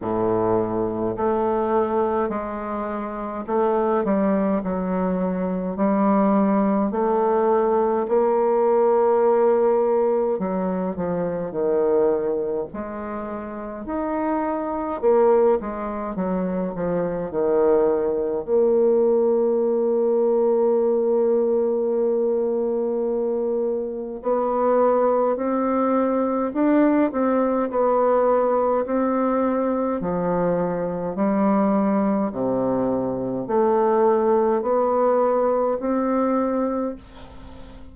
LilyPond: \new Staff \with { instrumentName = "bassoon" } { \time 4/4 \tempo 4 = 52 a,4 a4 gis4 a8 g8 | fis4 g4 a4 ais4~ | ais4 fis8 f8 dis4 gis4 | dis'4 ais8 gis8 fis8 f8 dis4 |
ais1~ | ais4 b4 c'4 d'8 c'8 | b4 c'4 f4 g4 | c4 a4 b4 c'4 | }